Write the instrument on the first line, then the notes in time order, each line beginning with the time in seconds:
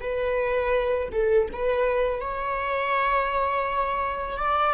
viola
0.00 B4
1.11 A4
1.52 B4
2.20 C#5
4.37 D5